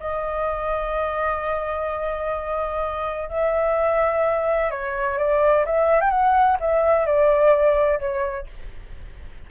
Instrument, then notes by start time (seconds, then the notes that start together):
flute
0.00 D#5
3.29 E5
4.71 C#5
5.18 D5
5.65 E5
6.01 G5
6.11 F#5
6.60 E5
7.06 D5
7.99 C#5